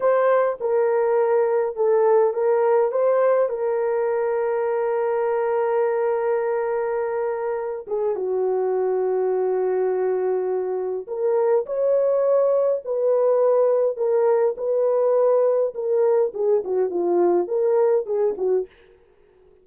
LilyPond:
\new Staff \with { instrumentName = "horn" } { \time 4/4 \tempo 4 = 103 c''4 ais'2 a'4 | ais'4 c''4 ais'2~ | ais'1~ | ais'4. gis'8 fis'2~ |
fis'2. ais'4 | cis''2 b'2 | ais'4 b'2 ais'4 | gis'8 fis'8 f'4 ais'4 gis'8 fis'8 | }